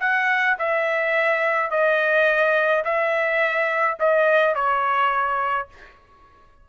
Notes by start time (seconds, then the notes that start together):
0.00 F#5
0.59 E5
1.71 D#5
2.85 E5
3.99 D#5
4.55 C#5